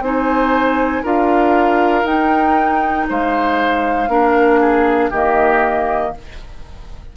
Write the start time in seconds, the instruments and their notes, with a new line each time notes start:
0.00 bassoon C4, clarinet D#4, oboe C5, flute G#5
1.03 bassoon D4, clarinet F4, oboe A#4, flute F5
2.04 bassoon D#4, clarinet D#4, flute G5
3.09 bassoon G#3, oboe C5, flute F5
4.08 bassoon A#3, clarinet D4, oboe A#4
4.60 oboe G#4
5.10 bassoon D#3, clarinet A#3, oboe G4, flute D#5